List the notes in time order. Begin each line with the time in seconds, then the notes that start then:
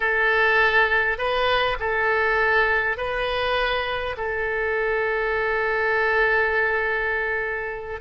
0.00 A4
1.17 B4
1.79 A4
2.97 B4
4.17 A4